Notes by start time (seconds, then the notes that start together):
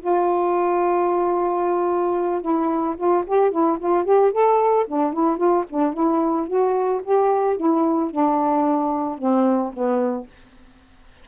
0.00 F4
2.41 E4
2.97 F4
3.26 G4
3.51 E4
3.79 F4
4.04 G4
4.32 A4
4.87 D4
5.13 E4
5.37 F4
5.70 D4
5.93 E4
6.47 F#4
7.03 G4
7.57 E4
8.10 D4
9.18 C4
9.73 B3